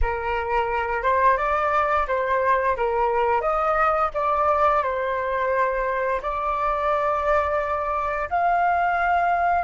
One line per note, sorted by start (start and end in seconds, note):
0.01 1.03 A#4
1.03 1.37 C5
1.37 2.06 D5
2.07 2.76 C5
2.76 3.41 A#4
3.41 4.10 D#5
4.14 4.83 D5
4.83 6.21 C5
6.22 8.29 D5
8.30 9.64 F5